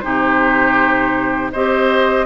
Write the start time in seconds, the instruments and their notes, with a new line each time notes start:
0.00 bassoon C3, clarinet D#4, oboe G4, flute C5
1.52 bassoon C4, clarinet G4, oboe C5, flute D#5